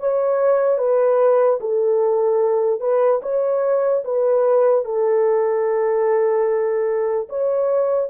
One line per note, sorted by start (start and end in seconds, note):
0.00 0.79 C#5
0.79 1.60 B4
1.61 2.81 A4
2.81 3.21 B4
3.23 4.04 C#5
4.05 4.85 B4
4.85 7.29 A4
7.30 8.10 C#5